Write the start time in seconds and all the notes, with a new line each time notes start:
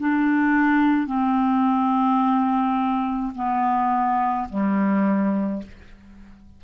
0.00 D4
1.07 C4
3.36 B3
4.50 G3